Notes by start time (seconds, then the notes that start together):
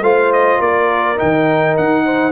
0.00 A3 F4 C5 F5
0.32 D#5
0.58 A#3 A#4 D5
1.16 D#3 D#4 G5
1.77 D#4 F#5
2.05 C5